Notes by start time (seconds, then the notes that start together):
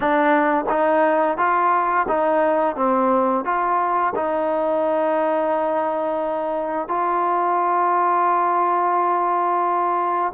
0.00 D4
0.69 D#4
1.37 F4
2.08 D#4
2.76 C4
3.45 F4
4.15 D#4
6.87 F4